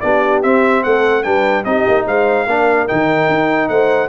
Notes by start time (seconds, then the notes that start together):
0.00 B3 D4 G4 D5
0.42 C4 E5
0.83 A3 A4 F#5
1.23 G3 D4 B4 G5
1.64 C4 D#4 G4 D#5
1.88 A#3
2.06 G#3 C5 F5
2.46 A#3 D4 A#4
2.87 D#3 D#4 G5
3.28 D#4
3.68 A3 C5 F#5